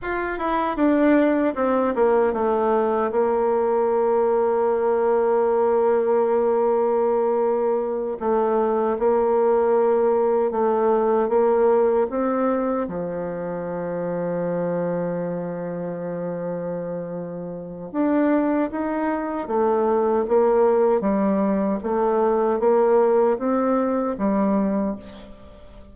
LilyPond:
\new Staff \with { instrumentName = "bassoon" } { \time 4/4 \tempo 4 = 77 f'8 e'8 d'4 c'8 ais8 a4 | ais1~ | ais2~ ais8 a4 ais8~ | ais4. a4 ais4 c'8~ |
c'8 f2.~ f8~ | f2. d'4 | dis'4 a4 ais4 g4 | a4 ais4 c'4 g4 | }